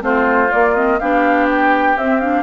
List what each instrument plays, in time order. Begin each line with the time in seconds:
0.00 bassoon A3, clarinet C4, oboe F4, flute C5
0.51 clarinet A#3, bassoon A#3, flute D5
0.75 clarinet C4, flute D#5
0.99 bassoon B3, clarinet D4, oboe G4, flute F5
1.49 flute G5
1.96 bassoon C4, clarinet C4, flute E5
2.20 clarinet D4, flute F5